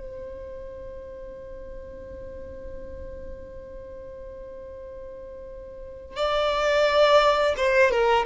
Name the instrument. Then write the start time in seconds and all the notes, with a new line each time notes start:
violin
0.00 C5
6.17 D5
7.57 C5
7.91 A#4